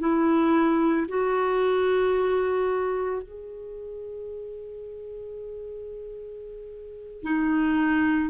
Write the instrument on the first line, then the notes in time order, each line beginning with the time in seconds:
clarinet
0.00 E4
1.09 F#4
3.23 G#4
7.23 D#4